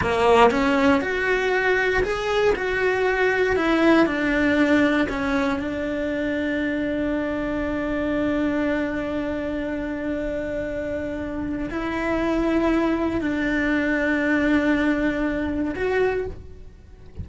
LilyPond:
\new Staff \with { instrumentName = "cello" } { \time 4/4 \tempo 4 = 118 ais4 cis'4 fis'2 | gis'4 fis'2 e'4 | d'2 cis'4 d'4~ | d'1~ |
d'1~ | d'2. e'4~ | e'2 d'2~ | d'2. fis'4 | }